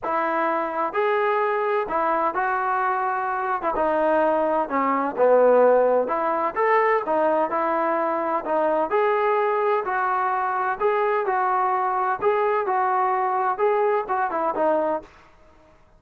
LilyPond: \new Staff \with { instrumentName = "trombone" } { \time 4/4 \tempo 4 = 128 e'2 gis'2 | e'4 fis'2~ fis'8. e'16 | dis'2 cis'4 b4~ | b4 e'4 a'4 dis'4 |
e'2 dis'4 gis'4~ | gis'4 fis'2 gis'4 | fis'2 gis'4 fis'4~ | fis'4 gis'4 fis'8 e'8 dis'4 | }